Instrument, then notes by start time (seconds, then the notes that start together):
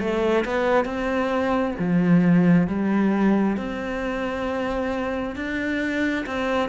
cello
0.00 A3
0.45 B3
0.85 C4
1.80 F3
2.68 G3
3.57 C4
5.36 D4
6.26 C4